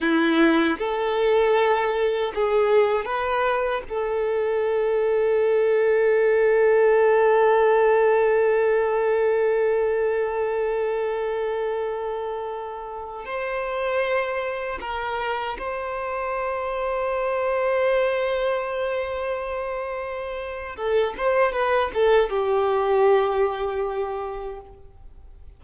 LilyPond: \new Staff \with { instrumentName = "violin" } { \time 4/4 \tempo 4 = 78 e'4 a'2 gis'4 | b'4 a'2.~ | a'1~ | a'1~ |
a'4~ a'16 c''2 ais'8.~ | ais'16 c''2.~ c''8.~ | c''2. a'8 c''8 | b'8 a'8 g'2. | }